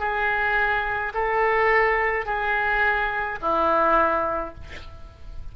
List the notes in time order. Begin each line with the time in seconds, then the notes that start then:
0.00 G#4
1.14 A4
2.26 G#4
3.41 E4